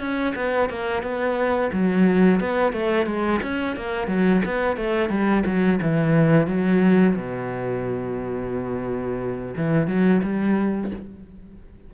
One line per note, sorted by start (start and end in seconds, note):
0.00 0.34 C#4
0.36 0.70 B3
0.70 1.03 A#3
1.03 1.71 B3
1.73 2.41 F#3
2.41 2.73 B3
2.73 3.07 A3
3.07 3.41 G#3
3.42 3.76 C#4
3.76 4.08 A#3
4.08 4.42 F#3
4.45 4.77 B3
4.77 5.10 A3
5.10 5.44 G3
5.46 5.80 F#3
5.82 6.47 E3
6.47 7.16 F#3
7.16 9.55 B2
9.57 9.87 E3
9.87 10.21 F#3
10.23 10.92 G3